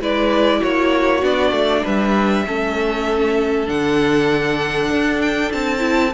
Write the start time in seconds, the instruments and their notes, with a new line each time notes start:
0.00 cello G#3, viola E4, violin B4 D5
0.60 cello A#3, violin F#4 C#5
1.22 cello B3, viola D4, violin D5
1.52 cello A3
1.84 cello G3, violin B4 E5
2.47 cello A3, viola C#4, violin A4
3.66 cello D3, viola D4, violin F#5
4.90 cello D4
5.21 violin G5
5.52 cello C4, violin A5
5.79 viola E4